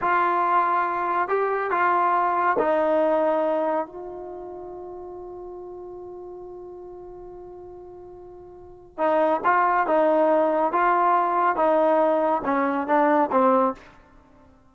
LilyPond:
\new Staff \with { instrumentName = "trombone" } { \time 4/4 \tempo 4 = 140 f'2. g'4 | f'2 dis'2~ | dis'4 f'2.~ | f'1~ |
f'1~ | f'4 dis'4 f'4 dis'4~ | dis'4 f'2 dis'4~ | dis'4 cis'4 d'4 c'4 | }